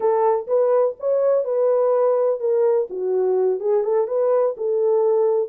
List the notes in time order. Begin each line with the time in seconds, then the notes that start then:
0.00 A4
0.47 B4
0.99 C#5
1.44 B4
2.40 A#4
2.90 F#4
3.60 G#4
3.83 A4
4.07 B4
4.57 A4